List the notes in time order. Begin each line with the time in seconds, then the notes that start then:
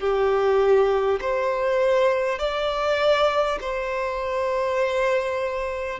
0.00 G4
1.21 C5
2.39 D5
3.61 C5